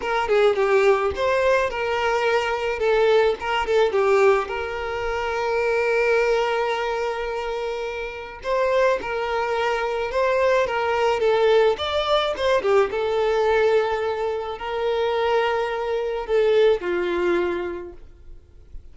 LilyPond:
\new Staff \with { instrumentName = "violin" } { \time 4/4 \tempo 4 = 107 ais'8 gis'8 g'4 c''4 ais'4~ | ais'4 a'4 ais'8 a'8 g'4 | ais'1~ | ais'2. c''4 |
ais'2 c''4 ais'4 | a'4 d''4 c''8 g'8 a'4~ | a'2 ais'2~ | ais'4 a'4 f'2 | }